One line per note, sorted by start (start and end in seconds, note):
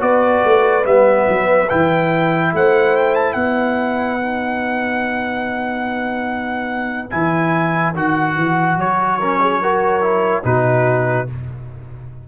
0.00 0.43 B3
0.00 0.83 F#4
0.00 2.53 B4
0.00 0.85 D5
0.44 0.86 A3
0.84 1.27 G3
0.84 1.67 B3
0.84 1.69 E5
1.28 1.70 F#3
1.69 2.53 E3
1.69 4.19 E4
1.69 2.53 G5
2.53 3.35 A3
2.53 3.37 C5
2.53 2.97 F#5
2.97 3.15 G5
3.15 3.33 A5
3.33 7.10 B3
3.33 9.19 B4
3.33 7.08 F#5
4.20 7.11 D#4
7.10 7.95 E3
7.10 7.94 E4
7.10 7.94 G#5
7.95 8.36 D#3
7.95 9.20 F#4
7.95 8.80 F#5
8.36 8.77 E3
8.77 10.43 F#3
8.77 10.45 C#5
9.19 9.63 C#4
9.19 9.40 A#4
9.40 9.61 G#4
9.62 10.02 F#4
9.62 10.45 A#4
10.02 10.43 E4
10.44 11.28 B2
10.44 11.27 D#4
10.44 11.28 F#4
10.44 11.28 B4